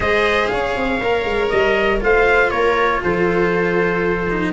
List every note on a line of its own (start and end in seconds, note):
0.00 0.50 G#3
0.00 1.01 G#4
0.00 0.51 C5
0.00 0.47 D#5
0.47 0.76 C#4
0.47 2.03 C#5
0.47 1.48 F5
0.76 1.01 C4
1.01 1.24 A#3
1.01 2.00 A#4
1.24 1.50 G#3
1.49 2.02 G3
1.49 1.99 D#5
2.00 2.52 A3
2.00 4.27 F4
2.00 2.51 C5
2.00 2.50 F5
2.50 3.02 A#3
2.50 3.01 A#4
2.50 3.00 C#5
3.02 4.53 F3
3.02 4.53 A4
3.02 4.53 C5
4.29 4.53 D#4